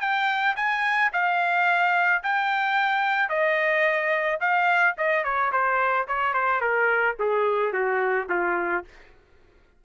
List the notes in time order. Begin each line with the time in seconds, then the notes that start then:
0.00 G5
0.56 G#5
1.12 F5
2.23 G5
3.29 D#5
4.40 F5
4.97 D#5
5.24 C#5
5.51 C5
6.08 C#5
6.33 C5
6.60 A#4
7.19 G#4
7.72 F#4
8.29 F4